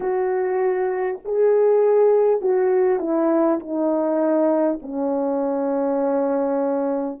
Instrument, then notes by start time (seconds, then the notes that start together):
horn
0.00 F#4
1.24 G#4
2.41 F#4
2.99 E4
3.59 D#4
4.82 C#4